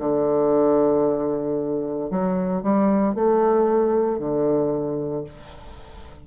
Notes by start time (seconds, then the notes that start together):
0.00 D3
2.11 F#3
2.63 G3
3.15 A3
4.19 D3